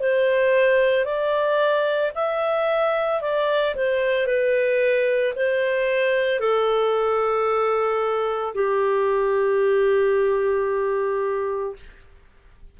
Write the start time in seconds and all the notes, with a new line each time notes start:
0.00 C5
1.04 D5
2.15 E5
3.21 D5
3.75 C5
4.26 B4
5.35 C5
6.39 A4
8.54 G4